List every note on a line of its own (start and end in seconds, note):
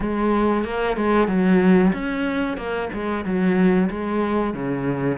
0.00 0.64 G#3
0.64 0.96 A#3
0.96 1.27 G#3
1.27 1.92 F#3
1.93 2.57 C#4
2.57 2.89 A#3
2.93 3.24 G#3
3.24 3.89 F#3
3.89 4.53 G#3
4.53 5.18 C#3